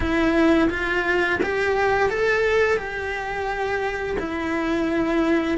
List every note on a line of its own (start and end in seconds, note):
0.00 0.68 E4
0.70 1.40 F4
1.42 2.09 G4
2.09 2.77 A4
2.77 4.16 G4
4.19 5.58 E4